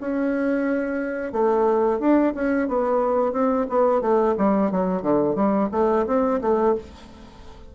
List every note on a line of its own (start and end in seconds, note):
0.00 1.32 C#4
1.32 1.99 A3
1.99 2.33 D4
2.34 2.68 C#4
2.68 3.32 B3
3.32 3.66 C4
3.69 4.01 B3
4.01 4.35 A3
4.37 4.71 G3
4.71 5.02 F#3
5.02 5.35 D3
5.35 5.68 G3
5.72 6.05 A3
6.06 6.40 C4
6.41 6.75 A3